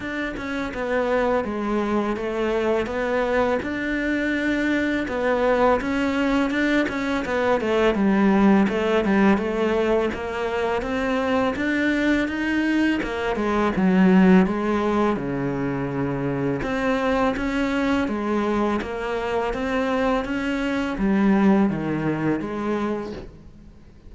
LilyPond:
\new Staff \with { instrumentName = "cello" } { \time 4/4 \tempo 4 = 83 d'8 cis'8 b4 gis4 a4 | b4 d'2 b4 | cis'4 d'8 cis'8 b8 a8 g4 | a8 g8 a4 ais4 c'4 |
d'4 dis'4 ais8 gis8 fis4 | gis4 cis2 c'4 | cis'4 gis4 ais4 c'4 | cis'4 g4 dis4 gis4 | }